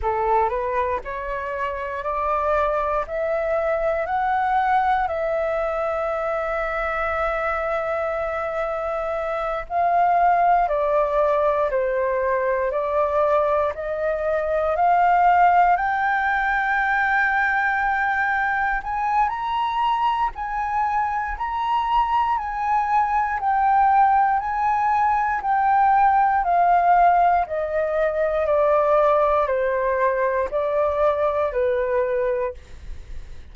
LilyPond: \new Staff \with { instrumentName = "flute" } { \time 4/4 \tempo 4 = 59 a'8 b'8 cis''4 d''4 e''4 | fis''4 e''2.~ | e''4. f''4 d''4 c''8~ | c''8 d''4 dis''4 f''4 g''8~ |
g''2~ g''8 gis''8 ais''4 | gis''4 ais''4 gis''4 g''4 | gis''4 g''4 f''4 dis''4 | d''4 c''4 d''4 b'4 | }